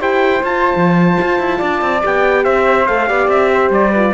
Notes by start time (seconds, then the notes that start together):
0.00 E4 G4 C5 G5
0.43 F4 A5
0.76 F3
1.21 F4
1.39 E4
1.58 D4 D5
1.82 C4
2.02 B3 G4 G5
2.44 C4 C5 E5
2.87 A3 A4 F5
3.06 B3 G4 D5
3.28 C4 E5
3.54 C5
3.70 G3 D5
3.92 F4 B4